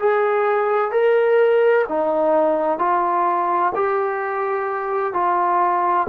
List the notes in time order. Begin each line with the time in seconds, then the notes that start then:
0.00 G#4
0.92 A#4
1.89 D#4
2.79 F4
3.75 G4
5.14 F4